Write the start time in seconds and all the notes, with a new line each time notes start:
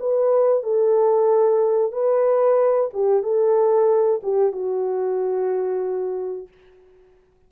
0.00 B4
0.63 A4
1.93 B4
2.94 G4
3.23 A4
4.23 G4
4.53 F#4